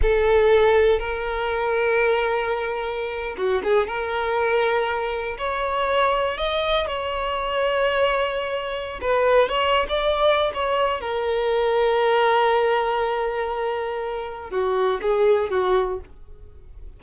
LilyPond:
\new Staff \with { instrumentName = "violin" } { \time 4/4 \tempo 4 = 120 a'2 ais'2~ | ais'2~ ais'8. fis'8 gis'8 ais'16~ | ais'2~ ais'8. cis''4~ cis''16~ | cis''8. dis''4 cis''2~ cis''16~ |
cis''2 b'4 cis''8. d''16~ | d''4 cis''4 ais'2~ | ais'1~ | ais'4 fis'4 gis'4 fis'4 | }